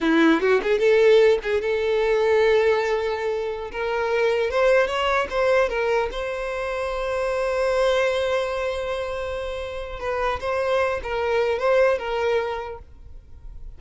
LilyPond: \new Staff \with { instrumentName = "violin" } { \time 4/4 \tempo 4 = 150 e'4 fis'8 gis'8 a'4. gis'8 | a'1~ | a'4~ a'16 ais'2 c''8.~ | c''16 cis''4 c''4 ais'4 c''8.~ |
c''1~ | c''1~ | c''4 b'4 c''4. ais'8~ | ais'4 c''4 ais'2 | }